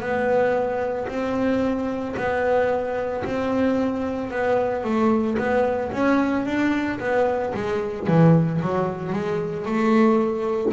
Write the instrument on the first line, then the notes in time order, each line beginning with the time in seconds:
double bass
0.00 B3
1.08 C4
2.16 B3
3.24 C4
4.31 B3
4.84 A3
5.38 B3
5.92 C#4
6.45 D4
6.99 B3
7.54 G#3
8.06 E3
8.61 F#3
9.12 G#3
9.65 A3